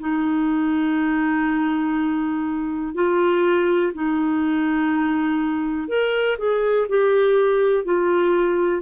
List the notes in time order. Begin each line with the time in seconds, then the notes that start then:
0.00 D#4
2.95 F4
3.94 D#4
5.88 A#4
6.38 G#4
6.89 G4
7.85 F4